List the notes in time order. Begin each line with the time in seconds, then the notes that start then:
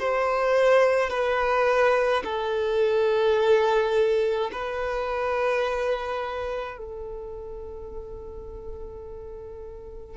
0.00 C5
1.10 B4
2.25 A4
4.52 B4
6.78 A4